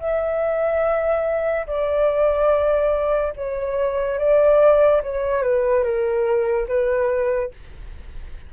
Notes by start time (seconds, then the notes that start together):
0.00 E5
1.67 D5
3.36 C#5
4.19 D5
5.03 C#5
5.43 B4
5.84 A#4
6.68 B4